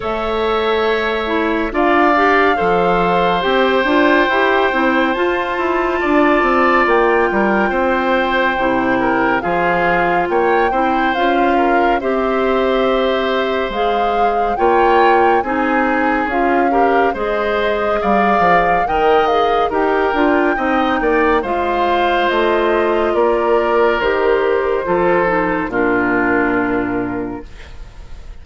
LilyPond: <<
  \new Staff \with { instrumentName = "flute" } { \time 4/4 \tempo 4 = 70 e''2 f''2 | g''2 a''2 | g''2. f''4 | g''4 f''4 e''2 |
f''4 g''4 gis''4 f''4 | dis''4 f''4 g''8 f''8 g''4~ | g''4 f''4 dis''4 d''4 | c''2 ais'2 | }
  \new Staff \with { instrumentName = "oboe" } { \time 4/4 cis''2 d''4 c''4~ | c''2. d''4~ | d''8 ais'8 c''4. ais'8 gis'4 | cis''8 c''4 ais'8 c''2~ |
c''4 cis''4 gis'4. ais'8 | c''4 d''4 dis''4 ais'4 | dis''8 d''8 c''2 ais'4~ | ais'4 a'4 f'2 | }
  \new Staff \with { instrumentName = "clarinet" } { \time 4/4 a'4. e'8 f'8 g'8 a'4 | g'8 f'8 g'8 e'8 f'2~ | f'2 e'4 f'4~ | f'8 e'8 f'4 g'2 |
gis'4 f'4 dis'4 f'8 g'8 | gis'2 ais'8 gis'8 g'8 f'8 | dis'4 f'2. | g'4 f'8 dis'8 d'2 | }
  \new Staff \with { instrumentName = "bassoon" } { \time 4/4 a2 d'4 f4 | c'8 d'8 e'8 c'8 f'8 e'8 d'8 c'8 | ais8 g8 c'4 c4 f4 | ais8 c'8 cis'4 c'2 |
gis4 ais4 c'4 cis'4 | gis4 g8 f8 dis4 dis'8 d'8 | c'8 ais8 gis4 a4 ais4 | dis4 f4 ais,2 | }
>>